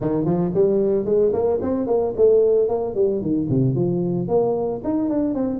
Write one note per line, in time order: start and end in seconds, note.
0.00 0.25 D#3
0.25 0.52 F3
0.54 1.05 G3
1.05 1.31 G#3
1.32 1.59 A#3
1.61 1.86 C4
1.86 2.13 A#3
2.16 2.68 A3
2.68 2.95 A#3
2.95 3.21 G3
3.21 3.48 D#3
3.49 3.75 C3
3.75 4.28 F3
4.28 4.81 A#3
4.84 5.09 D#4
5.09 5.34 D4
5.34 5.59 C4